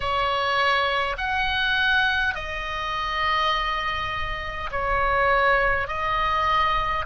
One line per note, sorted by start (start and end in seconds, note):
0.00 1.16 C#5
1.17 2.35 F#5
2.35 4.70 D#5
4.71 5.87 C#5
5.87 7.05 D#5